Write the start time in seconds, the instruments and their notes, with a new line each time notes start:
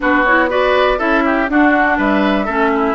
0.00 bassoon B3, clarinet D4, oboe F#4, flute B4
0.24 clarinet E4, flute C#5
0.49 clarinet F#4, oboe B4, flute D5
0.98 bassoon C#4, clarinet E4, oboe A4, flute E5
1.25 oboe G4
1.49 clarinet D4, bassoon D4, oboe F#4, flute F#5
1.97 bassoon G3, oboe B4, flute E5
2.45 bassoon A3, clarinet C#4, oboe A4
2.75 oboe E4